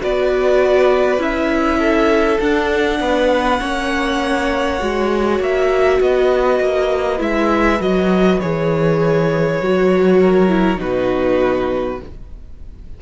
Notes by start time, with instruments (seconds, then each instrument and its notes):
0.00 cello B3, viola F#4, violin B4 D5
1.19 cello C#4, viola E4, violin E5
1.79 violin A4
2.40 cello D4, viola D4, violin F#5
3.00 cello B3, violin B4
3.60 cello A#3, viola C#4, violin C#5
4.80 cello G#3, viola F#4
5.40 cello A#3, violin E5
6.00 cello B3, violin B4 D#5
6.60 cello A#3
7.19 cello G#3, viola E4, violin E5
7.80 cello F#3, viola F#4, violin D#5
8.40 cello E3, viola G#4, violin C#5
9.61 cello F#3, viola F#4
10.21 violin A#4
10.49 viola E4
10.77 cello B2, viola D#4, violin F#4 B4